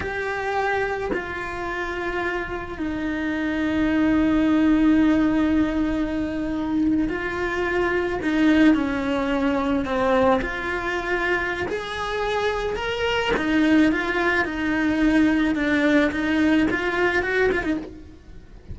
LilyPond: \new Staff \with { instrumentName = "cello" } { \time 4/4 \tempo 4 = 108 g'2 f'2~ | f'4 dis'2.~ | dis'1~ | dis'8. f'2 dis'4 cis'16~ |
cis'4.~ cis'16 c'4 f'4~ f'16~ | f'4 gis'2 ais'4 | dis'4 f'4 dis'2 | d'4 dis'4 f'4 fis'8 f'16 dis'16 | }